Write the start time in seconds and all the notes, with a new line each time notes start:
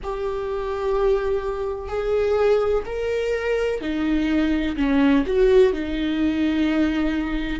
0.03 G4
1.88 G#4
2.85 A#4
3.81 D#4
4.76 C#4
5.26 F#4
5.72 D#4